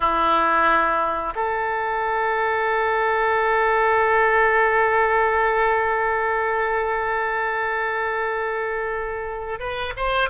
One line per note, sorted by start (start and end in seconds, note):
0.00 1.34 E4
1.35 9.59 A4
9.59 9.93 B4
9.96 10.29 C5